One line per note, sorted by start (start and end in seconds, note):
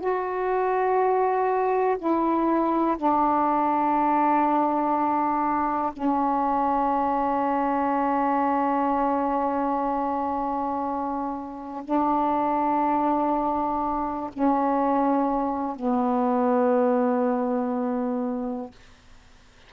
0.00 1.97 F#4
1.99 2.97 E4
2.97 5.92 D4
5.93 11.83 C#4
11.84 14.30 D4
14.33 15.76 C#4
15.76 18.71 B3